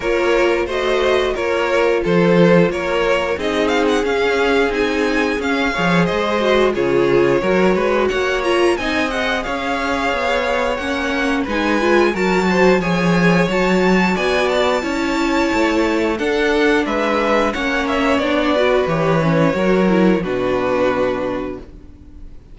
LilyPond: <<
  \new Staff \with { instrumentName = "violin" } { \time 4/4 \tempo 4 = 89 cis''4 dis''4 cis''4 c''4 | cis''4 dis''8 f''16 fis''16 f''4 gis''4 | f''4 dis''4 cis''2 | fis''8 ais''8 gis''8 fis''8 f''2 |
fis''4 gis''4 a''4 gis''4 | a''4 gis''8 a''2~ a''8 | fis''4 e''4 fis''8 e''8 d''4 | cis''2 b'2 | }
  \new Staff \with { instrumentName = "violin" } { \time 4/4 ais'4 c''4 ais'4 a'4 | ais'4 gis'2.~ | gis'8 cis''8 c''4 gis'4 ais'8 b'8 | cis''4 dis''4 cis''2~ |
cis''4 b'4 ais'8 c''8 cis''4~ | cis''4 d''4 cis''2 | a'4 b'4 cis''4. b'8~ | b'4 ais'4 fis'2 | }
  \new Staff \with { instrumentName = "viola" } { \time 4/4 f'4 fis'4 f'2~ | f'4 dis'4 cis'4 dis'4 | cis'8 gis'4 fis'8 f'4 fis'4~ | fis'8 f'8 dis'8 gis'2~ gis'8 |
cis'4 dis'8 f'8 fis'4 gis'4 | fis'2 e'2 | d'2 cis'4 d'8 fis'8 | g'8 cis'8 fis'8 e'8 d'2 | }
  \new Staff \with { instrumentName = "cello" } { \time 4/4 ais4 a4 ais4 f4 | ais4 c'4 cis'4 c'4 | cis'8 f8 gis4 cis4 fis8 gis8 | ais4 c'4 cis'4 b4 |
ais4 gis4 fis4 f4 | fis4 b4 cis'4 a4 | d'4 gis4 ais4 b4 | e4 fis4 b,2 | }
>>